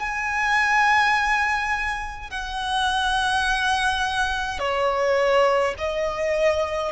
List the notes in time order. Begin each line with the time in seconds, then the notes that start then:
0.00 G#5
2.31 F#5
4.59 C#5
5.78 D#5